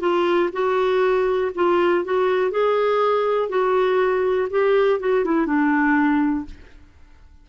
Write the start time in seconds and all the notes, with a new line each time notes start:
0.00 F4
0.53 F#4
1.55 F4
2.04 F#4
2.51 G#4
3.49 F#4
4.50 G4
5.00 F#4
5.25 E4
5.46 D4